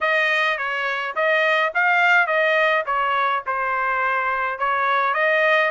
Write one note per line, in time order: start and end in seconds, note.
0.00 0.57 D#5
0.57 1.15 C#5
1.15 1.72 D#5
1.74 2.26 F5
2.26 2.84 D#5
2.86 3.43 C#5
3.46 4.58 C5
4.58 5.14 C#5
5.14 5.70 D#5